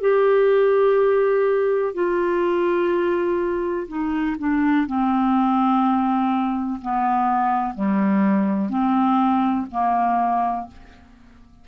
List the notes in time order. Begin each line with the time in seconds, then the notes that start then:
0.00 G4
1.94 F4
3.88 D#4
4.39 D4
4.86 C4
6.81 B3
7.74 G3
8.69 C4
9.70 A#3